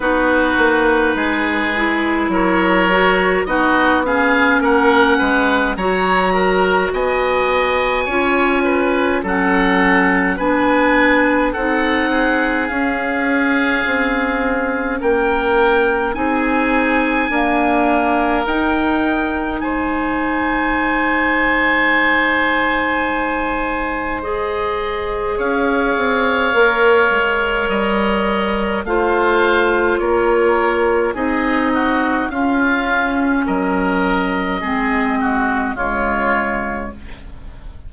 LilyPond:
<<
  \new Staff \with { instrumentName = "oboe" } { \time 4/4 \tempo 4 = 52 b'2 cis''4 dis''8 f''8 | fis''4 ais''4 gis''2 | fis''4 gis''4 fis''4 f''4~ | f''4 g''4 gis''2 |
g''4 gis''2.~ | gis''4 dis''4 f''2 | dis''4 f''4 cis''4 dis''4 | f''4 dis''2 cis''4 | }
  \new Staff \with { instrumentName = "oboe" } { \time 4/4 fis'4 gis'4 ais'4 fis'8 gis'8 | ais'8 b'8 cis''8 ais'8 dis''4 cis''8 b'8 | a'4 b'4 a'8 gis'4.~ | gis'4 ais'4 gis'4 ais'4~ |
ais'4 c''2.~ | c''2 cis''2~ | cis''4 c''4 ais'4 gis'8 fis'8 | f'4 ais'4 gis'8 fis'8 f'4 | }
  \new Staff \with { instrumentName = "clarinet" } { \time 4/4 dis'4. e'4 fis'8 dis'8 cis'8~ | cis'4 fis'2 f'4 | cis'4 d'4 dis'4 cis'4~ | cis'2 dis'4 ais4 |
dis'1~ | dis'4 gis'2 ais'4~ | ais'4 f'2 dis'4 | cis'2 c'4 gis4 | }
  \new Staff \with { instrumentName = "bassoon" } { \time 4/4 b8 ais8 gis4 fis4 b4 | ais8 gis8 fis4 b4 cis'4 | fis4 b4 c'4 cis'4 | c'4 ais4 c'4 d'4 |
dis'4 gis2.~ | gis2 cis'8 c'8 ais8 gis8 | g4 a4 ais4 c'4 | cis'4 fis4 gis4 cis4 | }
>>